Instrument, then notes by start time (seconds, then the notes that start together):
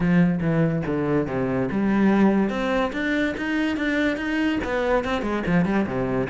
cello
0.00 F3
0.40 E3
0.86 D3
1.27 C3
1.71 G3
2.49 C4
2.93 D4
3.37 D#4
3.76 D4
4.16 D#4
4.64 B3
5.04 C4
5.21 G#3
5.46 F3
5.65 G3
5.86 C3